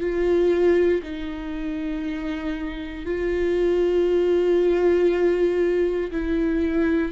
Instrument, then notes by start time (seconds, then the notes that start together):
viola
0.00 F4
1.03 D#4
3.06 F4
6.11 E4